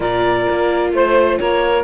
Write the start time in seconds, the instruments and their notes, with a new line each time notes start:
0.00 cello A#2, viola F4, saxophone A#4, clarinet D5
0.49 cello A#3
0.92 cello A3, clarinet C5, saxophone C5
1.39 cello A#3, saxophone A#4, clarinet C#5